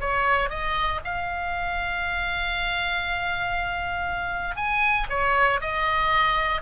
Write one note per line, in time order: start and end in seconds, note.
0.00 0.49 C#5
0.49 1.00 D#5
1.04 4.56 F5
4.56 5.07 G#5
5.09 5.60 C#5
5.60 6.61 D#5